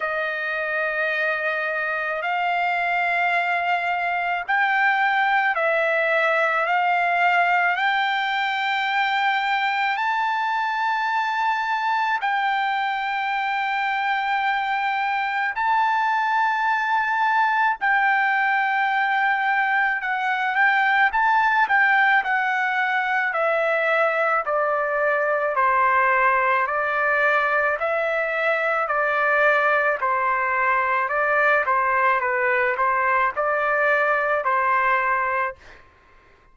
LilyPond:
\new Staff \with { instrumentName = "trumpet" } { \time 4/4 \tempo 4 = 54 dis''2 f''2 | g''4 e''4 f''4 g''4~ | g''4 a''2 g''4~ | g''2 a''2 |
g''2 fis''8 g''8 a''8 g''8 | fis''4 e''4 d''4 c''4 | d''4 e''4 d''4 c''4 | d''8 c''8 b'8 c''8 d''4 c''4 | }